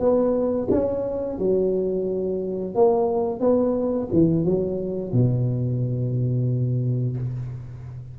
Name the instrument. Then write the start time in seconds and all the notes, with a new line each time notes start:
tuba
0.00 B3
0.71 C#4
1.39 F#3
2.76 A#3
3.40 B3
4.13 E3
4.45 F#3
5.13 B2